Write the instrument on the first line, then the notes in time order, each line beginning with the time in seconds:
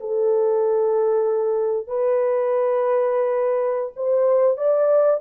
horn
0.00 A4
1.87 B4
3.96 C5
4.57 D5